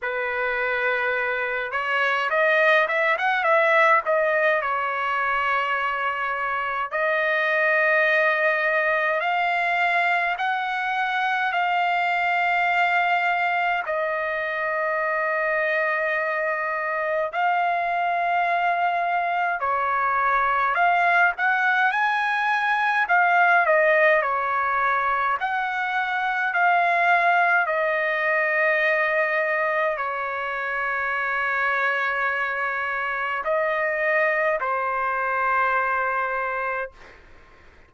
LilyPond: \new Staff \with { instrumentName = "trumpet" } { \time 4/4 \tempo 4 = 52 b'4. cis''8 dis''8 e''16 fis''16 e''8 dis''8 | cis''2 dis''2 | f''4 fis''4 f''2 | dis''2. f''4~ |
f''4 cis''4 f''8 fis''8 gis''4 | f''8 dis''8 cis''4 fis''4 f''4 | dis''2 cis''2~ | cis''4 dis''4 c''2 | }